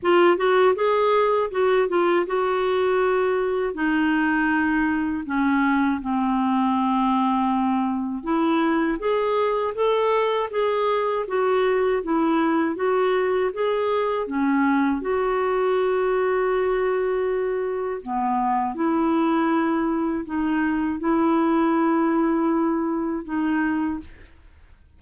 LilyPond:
\new Staff \with { instrumentName = "clarinet" } { \time 4/4 \tempo 4 = 80 f'8 fis'8 gis'4 fis'8 f'8 fis'4~ | fis'4 dis'2 cis'4 | c'2. e'4 | gis'4 a'4 gis'4 fis'4 |
e'4 fis'4 gis'4 cis'4 | fis'1 | b4 e'2 dis'4 | e'2. dis'4 | }